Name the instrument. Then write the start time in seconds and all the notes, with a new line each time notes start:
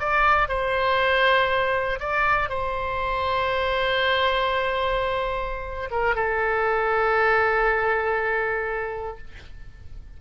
oboe
0.00 D5
0.49 C5
2.00 D5
2.50 C5
5.91 A#4
6.16 A4